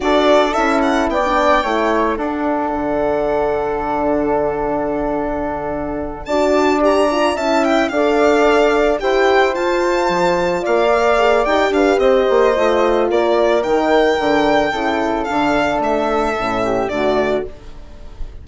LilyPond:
<<
  \new Staff \with { instrumentName = "violin" } { \time 4/4 \tempo 4 = 110 d''4 e''8 fis''8 g''2 | fis''1~ | fis''2.~ fis''8 a''8~ | a''8 ais''4 a''8 g''8 f''4.~ |
f''8 g''4 a''2 f''8~ | f''4 g''8 f''8 dis''2 | d''4 g''2. | f''4 e''2 d''4 | }
  \new Staff \with { instrumentName = "flute" } { \time 4/4 a'2 d''4 cis''4 | a'1~ | a'2.~ a'8 d''8~ | d''4. e''4 d''4.~ |
d''8 c''2. d''8~ | d''4. b'8 c''2 | ais'2. a'4~ | a'2~ a'8 g'8 fis'4 | }
  \new Staff \with { instrumentName = "horn" } { \time 4/4 fis'4 e'4~ e'16 d'8. e'4 | d'1~ | d'2.~ d'8 fis'8~ | fis'8 g'8 f'8 e'4 a'4.~ |
a'8 g'4 f'2~ f'8 | ais'8 gis'8 g'2 f'4~ | f'4 dis'4 d'4 e'4 | d'2 cis'4 a4 | }
  \new Staff \with { instrumentName = "bassoon" } { \time 4/4 d'4 cis'4 b4 a4 | d'4 d2.~ | d2.~ d8 d'8~ | d'4. cis'4 d'4.~ |
d'8 e'4 f'4 f4 ais8~ | ais4 dis'8 d'8 c'8 ais8 a4 | ais4 dis4 d4 cis4 | d4 a4 a,4 d4 | }
>>